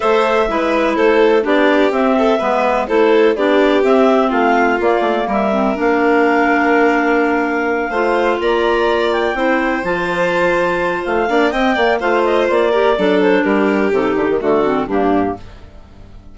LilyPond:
<<
  \new Staff \with { instrumentName = "clarinet" } { \time 4/4 \tempo 4 = 125 e''2 c''4 d''4 | e''2 c''4 d''4 | e''4 f''4 d''4 e''4 | f''1~ |
f''4. ais''4. g''4~ | g''8 a''2~ a''8 f''4 | g''4 f''8 dis''8 d''4. c''8 | ais'4 a'8 g'8 a'4 g'4 | }
  \new Staff \with { instrumentName = "violin" } { \time 4/4 c''4 b'4 a'4 g'4~ | g'8 a'8 b'4 a'4 g'4~ | g'4 f'2 ais'4~ | ais'1~ |
ais'8 c''4 d''2 c''8~ | c''2.~ c''8 d''8 | dis''8 d''8 c''4. ais'8 a'4 | g'2 fis'4 d'4 | }
  \new Staff \with { instrumentName = "clarinet" } { \time 4/4 a'4 e'2 d'4 | c'4 b4 e'4 d'4 | c'2 ais4. c'8 | d'1~ |
d'8 f'2. e'8~ | e'8 f'2. d'8 | c'8 ais8 f'4. g'8 d'4~ | d'4 dis'4 a8 c'8 ais4 | }
  \new Staff \with { instrumentName = "bassoon" } { \time 4/4 a4 gis4 a4 b4 | c'4 gis4 a4 b4 | c'4 a4 ais8 a8 g4 | ais1~ |
ais8 a4 ais2 c'8~ | c'8 f2~ f8 a8 ais8 | c'8 ais8 a4 ais4 fis4 | g4 c8 d16 dis16 d4 g,4 | }
>>